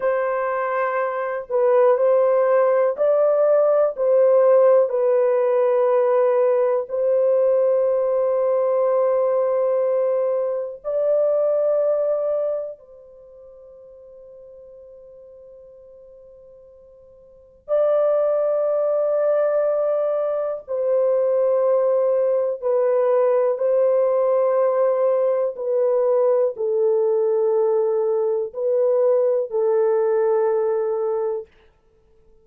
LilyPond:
\new Staff \with { instrumentName = "horn" } { \time 4/4 \tempo 4 = 61 c''4. b'8 c''4 d''4 | c''4 b'2 c''4~ | c''2. d''4~ | d''4 c''2.~ |
c''2 d''2~ | d''4 c''2 b'4 | c''2 b'4 a'4~ | a'4 b'4 a'2 | }